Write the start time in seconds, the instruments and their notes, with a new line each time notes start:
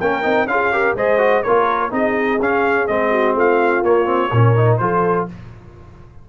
0.00 tuba A#3, trombone C#4, horn A#4, trumpet G5
0.23 tuba C4, trombone D#4
0.46 tuba C#4, trombone F4, horn G#4, trumpet F5
0.73 trombone G4, horn A#4
0.94 tuba G#3, trombone G#4, horn C5, trumpet D#5
1.18 trombone F#4
1.43 tuba A#3, trombone F4, horn A#4, trumpet C#5
1.91 tuba C4, trombone D#4, horn G#4, trumpet D#5
2.40 tuba C#4, trombone C#4, trumpet F5
2.87 tuba G#3, trombone C4, trumpet D#5
3.11 horn F#4
3.35 tuba A3, horn F4, trumpet F5
3.83 tuba A#3, trombone A#3, trumpet C#5
4.05 trombone C4
4.32 tuba A#2, trombone C#4, horn A#4
4.56 trombone D#4
4.77 tuba F3, trombone F4, horn A4, trumpet C5